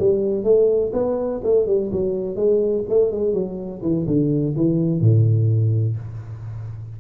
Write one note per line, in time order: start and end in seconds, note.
0.00 0.44 G3
0.44 0.92 A3
0.93 1.41 B3
1.44 1.67 A3
1.67 1.91 G3
1.93 2.36 F#3
2.36 2.84 G#3
2.89 3.12 A3
3.12 3.34 G#3
3.34 3.82 F#3
3.82 4.06 E3
4.07 4.55 D3
4.57 5.01 E3
5.01 5.97 A2